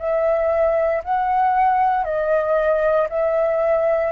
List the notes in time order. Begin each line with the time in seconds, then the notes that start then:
0.00 E5
1.04 F#5
2.05 D#5
3.10 E5